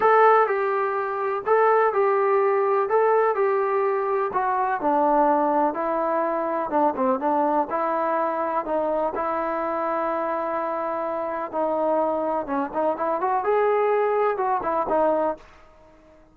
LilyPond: \new Staff \with { instrumentName = "trombone" } { \time 4/4 \tempo 4 = 125 a'4 g'2 a'4 | g'2 a'4 g'4~ | g'4 fis'4 d'2 | e'2 d'8 c'8 d'4 |
e'2 dis'4 e'4~ | e'1 | dis'2 cis'8 dis'8 e'8 fis'8 | gis'2 fis'8 e'8 dis'4 | }